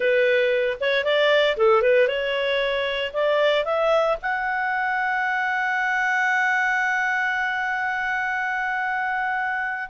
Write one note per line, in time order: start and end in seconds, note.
0.00 0.77 B4
0.80 1.04 C#5
1.04 1.56 D5
1.56 1.81 A4
1.81 2.07 B4
2.07 3.11 C#5
3.13 3.65 D5
3.65 4.17 E5
4.22 9.89 F#5